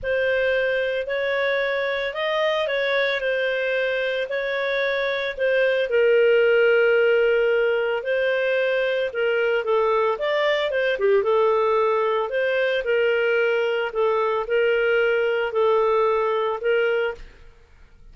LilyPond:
\new Staff \with { instrumentName = "clarinet" } { \time 4/4 \tempo 4 = 112 c''2 cis''2 | dis''4 cis''4 c''2 | cis''2 c''4 ais'4~ | ais'2. c''4~ |
c''4 ais'4 a'4 d''4 | c''8 g'8 a'2 c''4 | ais'2 a'4 ais'4~ | ais'4 a'2 ais'4 | }